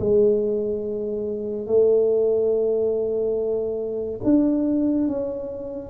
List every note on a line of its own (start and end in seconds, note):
0.00 1.67 G#3
1.67 4.21 A3
4.24 5.09 D4
5.09 5.90 C#4